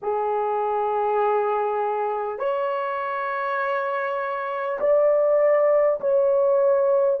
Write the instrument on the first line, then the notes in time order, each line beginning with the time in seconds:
horn
0.02 G#4
2.38 C#5
4.80 D5
6.00 C#5